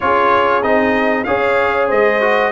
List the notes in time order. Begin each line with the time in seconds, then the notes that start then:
0.00 C#4 F4 G#4 C#5
0.62 C4 D#4 D#5
1.24 C#4 G#4 C#5 F5
1.88 G#3 C5 D#5
2.20 F#4